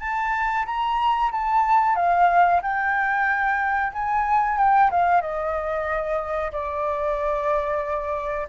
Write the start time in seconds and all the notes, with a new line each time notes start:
0.00 A5
0.66 A#5
1.32 A5
1.96 F5
2.62 G5
3.93 G#5
4.58 G5
4.91 F5
5.21 D#5
6.52 D5